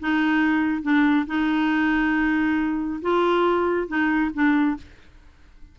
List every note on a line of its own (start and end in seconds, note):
0.00 0.83 D#4
0.83 1.26 D4
1.27 3.01 D#4
3.02 3.88 F4
3.88 4.31 D#4
4.34 4.77 D4